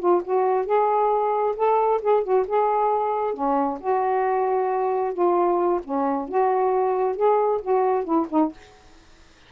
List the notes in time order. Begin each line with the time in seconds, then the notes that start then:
0.00 F4
0.25 F#4
0.66 G#4
1.57 A4
2.03 G#4
2.24 F#4
2.48 G#4
3.34 C#4
3.81 F#4
5.14 F4
5.85 C#4
6.29 F#4
7.17 G#4
7.62 F#4
8.05 E4
8.31 D#4